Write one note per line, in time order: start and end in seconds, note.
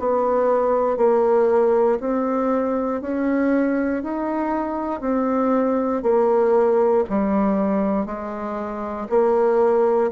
0.00 0.98 B3
0.98 1.99 A#3
2.00 3.02 C4
3.02 4.03 C#4
4.03 5.01 D#4
5.01 6.03 C4
6.03 7.05 A#3
7.10 8.06 G3
8.06 9.08 G#3
9.10 10.11 A#3